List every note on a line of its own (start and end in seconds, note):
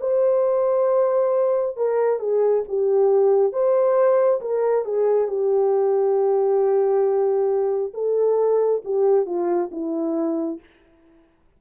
0.00 1.76 C5
1.76 2.19 A#4
2.19 2.63 G#4
2.68 3.53 G4
3.53 4.41 C5
4.41 4.85 A#4
4.85 5.28 G#4
5.28 7.93 G4
7.94 8.82 A4
8.85 9.26 G4
9.26 9.70 F4
9.71 10.60 E4